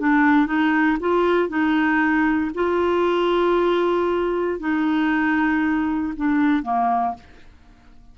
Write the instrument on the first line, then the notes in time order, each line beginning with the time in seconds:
clarinet
0.00 D4
0.47 D#4
1.00 F4
1.49 D#4
2.55 F4
4.60 D#4
6.17 D4
6.63 A#3